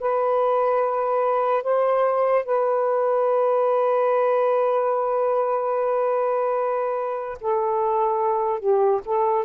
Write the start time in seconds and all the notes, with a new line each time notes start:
0.00 B4
1.63 C5
2.45 B4
7.41 A4
8.60 G4
9.05 A4